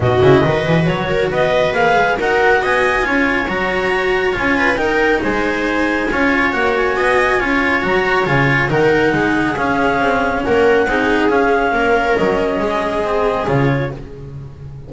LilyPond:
<<
  \new Staff \with { instrumentName = "clarinet" } { \time 4/4 \tempo 4 = 138 dis''2 cis''4 dis''4 | f''4 fis''4 gis''2 | ais''2 gis''4 g''4 | gis''2. fis''8 gis''8~ |
gis''2 ais''4 gis''4 | fis''2 f''2 | fis''2 f''2 | dis''2. cis''4 | }
  \new Staff \with { instrumentName = "viola" } { \time 4/4 fis'4 b'4. ais'8 b'4~ | b'4 ais'4 dis''4 cis''4~ | cis''2~ cis''8 b'8 ais'4 | c''2 cis''2 |
dis''4 cis''2. | ais'4 gis'2. | ais'4 gis'2 ais'4~ | ais'4 gis'2. | }
  \new Staff \with { instrumentName = "cello" } { \time 4/4 dis'8 e'8 fis'2. | gis'4 fis'2 f'4 | fis'2 f'4 dis'4~ | dis'2 f'4 fis'4~ |
fis'4 f'4 fis'4 f'4 | dis'2 cis'2~ | cis'4 dis'4 cis'2~ | cis'2 c'4 f'4 | }
  \new Staff \with { instrumentName = "double bass" } { \time 4/4 b,8 cis8 dis8 e8 fis4 b4 | ais8 gis8 dis'4 b4 cis'4 | fis2 cis'4 dis'4 | gis2 cis'4 ais4 |
b4 cis'4 fis4 cis4 | dis4 gis4 cis'4 c'4 | ais4 c'4 cis'4 ais4 | fis4 gis2 cis4 | }
>>